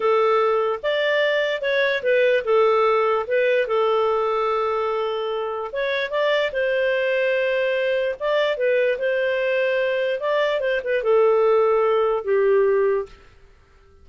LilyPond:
\new Staff \with { instrumentName = "clarinet" } { \time 4/4 \tempo 4 = 147 a'2 d''2 | cis''4 b'4 a'2 | b'4 a'2.~ | a'2 cis''4 d''4 |
c''1 | d''4 b'4 c''2~ | c''4 d''4 c''8 b'8 a'4~ | a'2 g'2 | }